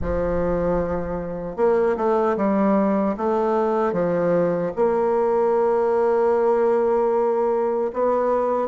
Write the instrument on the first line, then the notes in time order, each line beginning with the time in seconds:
bassoon
0.01 F3
1.56 A#3
1.96 A3
2.36 G3
3.17 A3
3.93 F3
4.75 A#3
7.93 B3